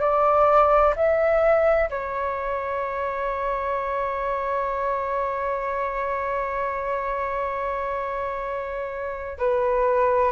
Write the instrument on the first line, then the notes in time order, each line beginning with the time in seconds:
flute
0.00 D5
0.95 E5
1.90 C#5
9.38 B4